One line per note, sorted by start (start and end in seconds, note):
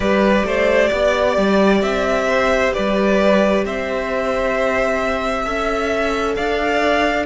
0.00 0.43 G3
0.00 5.45 G4
0.00 0.45 B4
0.00 1.81 D5
0.44 0.89 A3
0.44 0.88 C5
0.88 1.37 B3
0.88 2.24 D5
1.37 1.82 G3
1.81 2.73 C4
1.81 2.72 E5
2.28 2.73 C5
2.73 3.65 G3
2.73 3.64 B4
2.73 3.64 D5
3.65 5.45 C4
3.65 5.42 C5
3.65 6.35 E5
5.42 6.36 C#4
5.42 7.26 A4
5.42 6.33 E5
6.35 7.26 D4
6.35 7.26 D5
6.35 7.26 F5